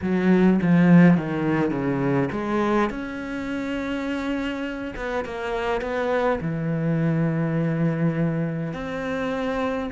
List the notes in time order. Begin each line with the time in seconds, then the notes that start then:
0.02 F#3
0.62 F3
1.17 D#3
1.71 C#3
2.31 G#3
2.90 C#4
4.95 B3
5.24 A#3
5.81 B3
6.41 E3
8.73 C4